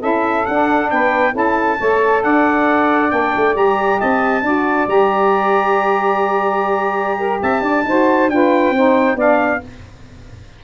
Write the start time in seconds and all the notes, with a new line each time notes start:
0.00 C#4 E4 A4 E5
0.45 D4 F#5
0.90 B3 B4 G5
1.32 C#4 E4 A4 A5
1.78 A3 A4 C#5
2.23 D4 D5 F#5
3.09 A#3 D4 G5
3.36 A3
3.53 G3 G4 A#5
3.99 C4 D#5 A5
4.42 D4 F#4 D5
4.87 G3 G4 A#5
7.18 A#4
7.42 C4 E5 A5
7.61 D4 D5
7.84 D#4 F#4 C5
8.28 D4 F4 B4 G5
8.70 C4 D#4 C5
9.15 B3 D4 D5 F5